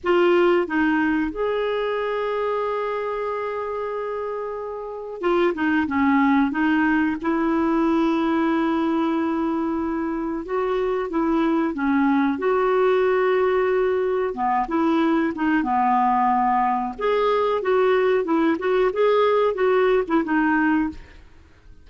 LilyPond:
\new Staff \with { instrumentName = "clarinet" } { \time 4/4 \tempo 4 = 92 f'4 dis'4 gis'2~ | gis'1 | f'8 dis'8 cis'4 dis'4 e'4~ | e'1 |
fis'4 e'4 cis'4 fis'4~ | fis'2 b8 e'4 dis'8 | b2 gis'4 fis'4 | e'8 fis'8 gis'4 fis'8. e'16 dis'4 | }